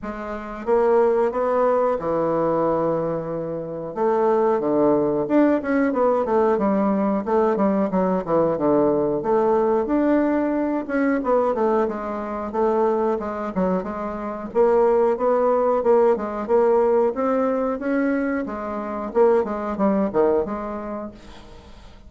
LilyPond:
\new Staff \with { instrumentName = "bassoon" } { \time 4/4 \tempo 4 = 91 gis4 ais4 b4 e4~ | e2 a4 d4 | d'8 cis'8 b8 a8 g4 a8 g8 | fis8 e8 d4 a4 d'4~ |
d'8 cis'8 b8 a8 gis4 a4 | gis8 fis8 gis4 ais4 b4 | ais8 gis8 ais4 c'4 cis'4 | gis4 ais8 gis8 g8 dis8 gis4 | }